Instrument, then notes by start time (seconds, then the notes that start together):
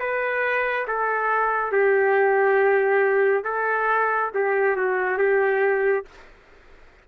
trumpet
0.00 B4
0.88 A4
1.72 G4
3.44 A4
4.34 G4
4.77 F#4
5.18 G4